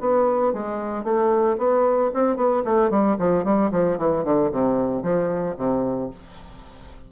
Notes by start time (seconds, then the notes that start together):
0.00 B3
0.53 G#3
1.04 A3
1.58 B3
2.14 C4
2.36 B3
2.65 A3
2.90 G3
3.19 F3
3.44 G3
3.71 F3
3.98 E3
4.24 D3
4.51 C3
5.02 F3
5.57 C3